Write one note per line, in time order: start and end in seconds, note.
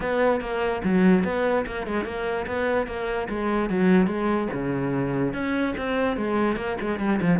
0.00 0.40 B3
0.40 0.81 A#3
0.84 1.24 F#3
1.24 1.65 B3
1.66 1.86 A#3
1.87 2.05 G#3
2.05 2.46 A#3
2.46 2.86 B3
2.86 3.27 A#3
3.29 3.69 G#3
3.69 4.07 F#3
4.07 4.48 G#3
4.52 5.33 C#3
5.33 5.74 C#4
5.77 6.16 C4
6.16 6.56 G#3
6.56 6.76 A#3
6.80 6.99 G#3
6.99 7.19 G3
7.21 7.39 F3